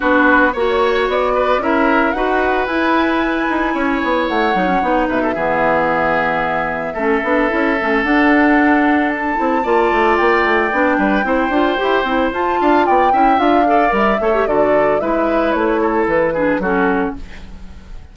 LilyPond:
<<
  \new Staff \with { instrumentName = "flute" } { \time 4/4 \tempo 4 = 112 b'4 cis''4 d''4 e''4 | fis''4 gis''2. | fis''4. e''2~ e''8~ | e''2. fis''4~ |
fis''4 a''2 g''4~ | g''2. a''4 | g''4 f''4 e''4 d''4 | e''4 cis''4 b'4 a'4 | }
  \new Staff \with { instrumentName = "oboe" } { \time 4/4 fis'4 cis''4. b'8 ais'4 | b'2. cis''4~ | cis''4. b'16 a'16 gis'2~ | gis'4 a'2.~ |
a'2 d''2~ | d''8 b'8 c''2~ c''8 f''8 | d''8 e''4 d''4 cis''8 a'4 | b'4. a'4 gis'8 fis'4 | }
  \new Staff \with { instrumentName = "clarinet" } { \time 4/4 d'4 fis'2 e'4 | fis'4 e'2.~ | e'8 dis'16 cis'16 dis'4 b2~ | b4 cis'8 d'8 e'8 cis'8 d'4~ |
d'4. e'8 f'2 | d'4 e'8 f'8 g'8 e'8 f'4~ | f'8 e'8 f'8 a'8 ais'8 a'16 g'16 fis'4 | e'2~ e'8 d'8 cis'4 | }
  \new Staff \with { instrumentName = "bassoon" } { \time 4/4 b4 ais4 b4 cis'4 | dis'4 e'4. dis'8 cis'8 b8 | a8 fis8 b8 b,8 e2~ | e4 a8 b8 cis'8 a8 d'4~ |
d'4. c'8 ais8 a8 ais8 a8 | b8 g8 c'8 d'8 e'8 c'8 f'8 d'8 | b8 cis'8 d'4 g8 a8 d4 | gis4 a4 e4 fis4 | }
>>